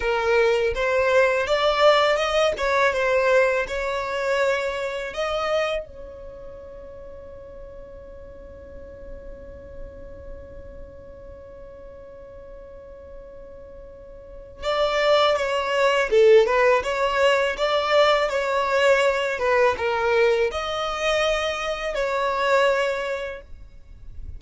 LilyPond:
\new Staff \with { instrumentName = "violin" } { \time 4/4 \tempo 4 = 82 ais'4 c''4 d''4 dis''8 cis''8 | c''4 cis''2 dis''4 | cis''1~ | cis''1~ |
cis''1 | d''4 cis''4 a'8 b'8 cis''4 | d''4 cis''4. b'8 ais'4 | dis''2 cis''2 | }